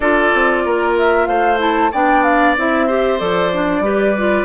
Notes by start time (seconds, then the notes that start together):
0.00 D4 F4 A4 D5
0.33 C4
0.65 A#3 A#4
0.98 E5
1.26 A3 C5 F5
1.58 E4 A5
1.91 B3 D4 D5 G5
2.23 F5
2.57 C4 E4 E5
2.87 G4 C5
3.18 F3 A4 D5
3.53 D4
3.79 G3 G4 B4
4.17 F4